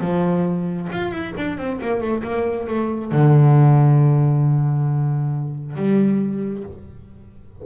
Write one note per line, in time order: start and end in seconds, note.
0.00 0.88 F3
0.92 1.11 F4
1.11 1.33 E4
1.37 1.57 D4
1.57 1.79 C4
1.81 2.01 A#3
2.01 2.23 A3
2.23 2.67 A#3
2.67 3.11 A3
3.11 5.75 D3
5.75 6.64 G3